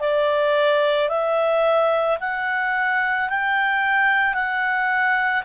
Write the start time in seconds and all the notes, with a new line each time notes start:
0.00 D5
1.09 E5
2.20 F#5
3.29 G5
4.34 F#5